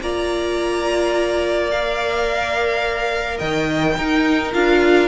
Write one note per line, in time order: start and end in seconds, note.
0.00 3.40 A#3
0.00 1.71 F4
0.00 3.37 D5
0.00 1.71 A#5
1.71 3.97 A#4
1.71 3.39 F5
3.37 3.97 D#3
3.37 3.94 D#5
3.37 4.52 G5
3.97 4.53 D#4
3.97 5.08 A#4
4.53 5.08 D4
4.53 5.08 F4
4.53 5.08 F5